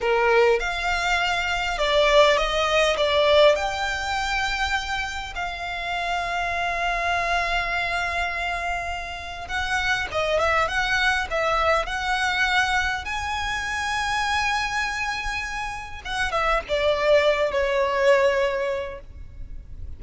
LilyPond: \new Staff \with { instrumentName = "violin" } { \time 4/4 \tempo 4 = 101 ais'4 f''2 d''4 | dis''4 d''4 g''2~ | g''4 f''2.~ | f''1 |
fis''4 dis''8 e''8 fis''4 e''4 | fis''2 gis''2~ | gis''2. fis''8 e''8 | d''4. cis''2~ cis''8 | }